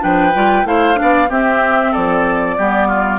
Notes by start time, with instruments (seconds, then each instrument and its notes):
0.00 bassoon F3, clarinet D4, oboe B4, flute G5
0.35 bassoon G3, clarinet F4
0.65 bassoon A3, clarinet E4, oboe C5, flute F5
0.96 clarinet D4
1.02 bassoon B3, oboe D5
1.29 bassoon C4, clarinet C4, oboe G4, flute E5
1.92 bassoon F3, oboe A4, flute D5
2.58 bassoon G3, clarinet B3, oboe G4
2.88 oboe F4